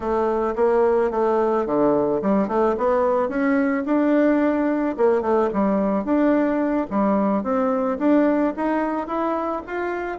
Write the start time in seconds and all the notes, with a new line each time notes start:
0.00 A3
0.55 A#3
1.10 A3
1.66 D3
2.21 G3
2.48 A3
2.77 B3
3.28 C#4
3.85 D4
4.97 A#3
5.21 A3
5.53 G3
6.04 D4
6.90 G3
7.43 C4
7.98 D4
8.56 D#4
9.07 E4
9.66 F4